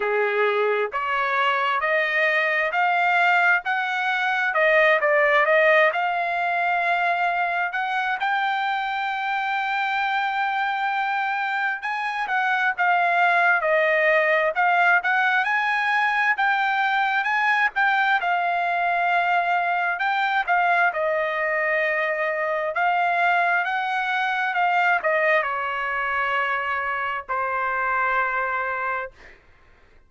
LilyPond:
\new Staff \with { instrumentName = "trumpet" } { \time 4/4 \tempo 4 = 66 gis'4 cis''4 dis''4 f''4 | fis''4 dis''8 d''8 dis''8 f''4.~ | f''8 fis''8 g''2.~ | g''4 gis''8 fis''8 f''4 dis''4 |
f''8 fis''8 gis''4 g''4 gis''8 g''8 | f''2 g''8 f''8 dis''4~ | dis''4 f''4 fis''4 f''8 dis''8 | cis''2 c''2 | }